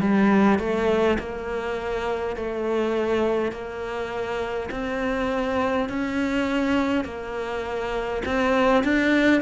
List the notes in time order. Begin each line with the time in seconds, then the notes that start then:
0.00 G3
0.59 A3
1.19 A#3
2.36 A3
3.51 A#3
4.71 C4
5.88 C#4
7.04 A#3
8.25 C4
8.83 D4